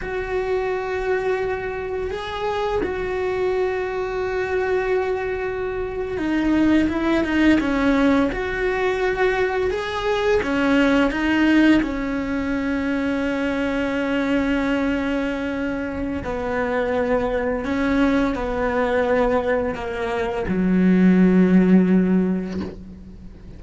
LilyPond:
\new Staff \with { instrumentName = "cello" } { \time 4/4 \tempo 4 = 85 fis'2. gis'4 | fis'1~ | fis'8. dis'4 e'8 dis'8 cis'4 fis'16~ | fis'4.~ fis'16 gis'4 cis'4 dis'16~ |
dis'8. cis'2.~ cis'16~ | cis'2. b4~ | b4 cis'4 b2 | ais4 fis2. | }